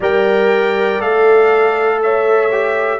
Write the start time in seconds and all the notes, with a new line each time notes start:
0.00 G3 A#4 D5 G5
0.99 A3 A4 F5
2.02 C#5 E5
2.51 G4